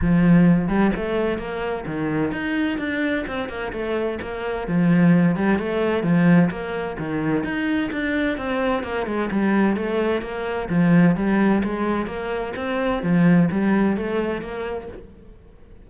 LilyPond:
\new Staff \with { instrumentName = "cello" } { \time 4/4 \tempo 4 = 129 f4. g8 a4 ais4 | dis4 dis'4 d'4 c'8 ais8 | a4 ais4 f4. g8 | a4 f4 ais4 dis4 |
dis'4 d'4 c'4 ais8 gis8 | g4 a4 ais4 f4 | g4 gis4 ais4 c'4 | f4 g4 a4 ais4 | }